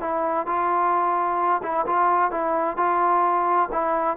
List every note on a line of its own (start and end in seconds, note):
0.00 0.46 E4
0.46 1.61 F4
1.62 1.85 E4
1.86 2.31 F4
2.31 2.76 E4
2.76 3.69 F4
3.72 4.17 E4